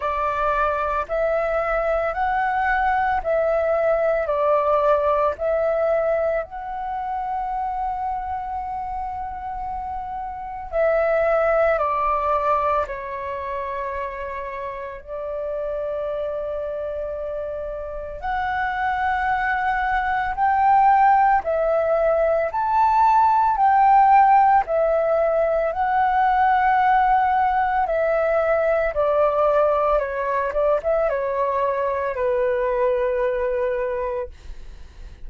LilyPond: \new Staff \with { instrumentName = "flute" } { \time 4/4 \tempo 4 = 56 d''4 e''4 fis''4 e''4 | d''4 e''4 fis''2~ | fis''2 e''4 d''4 | cis''2 d''2~ |
d''4 fis''2 g''4 | e''4 a''4 g''4 e''4 | fis''2 e''4 d''4 | cis''8 d''16 e''16 cis''4 b'2 | }